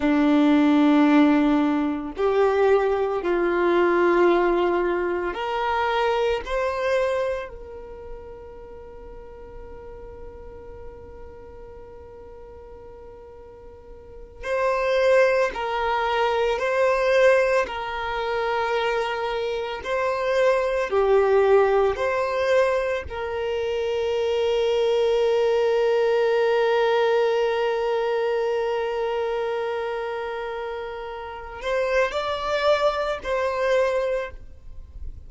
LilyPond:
\new Staff \with { instrumentName = "violin" } { \time 4/4 \tempo 4 = 56 d'2 g'4 f'4~ | f'4 ais'4 c''4 ais'4~ | ais'1~ | ais'4. c''4 ais'4 c''8~ |
c''8 ais'2 c''4 g'8~ | g'8 c''4 ais'2~ ais'8~ | ais'1~ | ais'4. c''8 d''4 c''4 | }